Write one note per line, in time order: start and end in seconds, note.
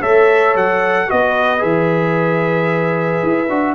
0.00 0.55 A3
0.00 1.07 A4
0.00 1.07 C#5
0.00 0.55 E5
0.55 1.08 F#3
0.55 1.10 F#5
1.07 1.62 B3
1.07 1.59 F#4
1.07 3.75 B4
1.07 1.62 D#5
1.59 3.23 E3
1.59 3.46 G#4
1.59 3.75 E5
3.23 3.49 E4
3.49 3.75 D4
3.49 3.75 F#4